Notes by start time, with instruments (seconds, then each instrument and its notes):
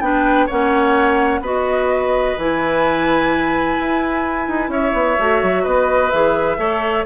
0.00 bassoon B3, clarinet D4, oboe B4, flute G5
0.46 bassoon A#3, clarinet C#4, oboe C#5, flute F#5
1.40 bassoon B3, clarinet F#4, oboe B4, flute D#5
2.37 bassoon E3, clarinet E4, flute G#5
3.79 bassoon E4
4.48 bassoon D#4
4.68 bassoon C#4, oboe C#5, flute E5
4.93 bassoon B3
5.18 bassoon A3, clarinet F#4
5.42 bassoon F#3
5.63 bassoon B3, oboe B4, flute D#5
6.10 bassoon E3, clarinet G#4, flute E5
6.57 bassoon A3, clarinet A4, oboe C#5